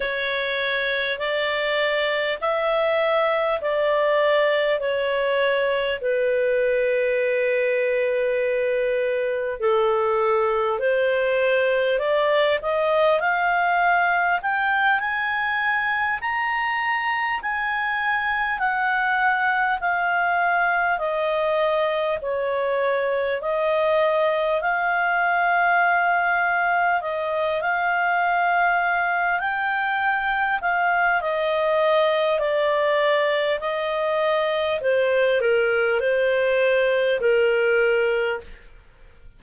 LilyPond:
\new Staff \with { instrumentName = "clarinet" } { \time 4/4 \tempo 4 = 50 cis''4 d''4 e''4 d''4 | cis''4 b'2. | a'4 c''4 d''8 dis''8 f''4 | g''8 gis''4 ais''4 gis''4 fis''8~ |
fis''8 f''4 dis''4 cis''4 dis''8~ | dis''8 f''2 dis''8 f''4~ | f''8 g''4 f''8 dis''4 d''4 | dis''4 c''8 ais'8 c''4 ais'4 | }